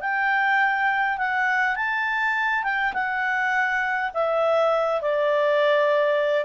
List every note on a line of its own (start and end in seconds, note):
0.00 1.17 G5
1.17 1.75 F#5
1.75 2.63 A5
2.63 2.93 G5
2.93 4.11 F#5
4.13 5.01 E5
5.01 6.44 D5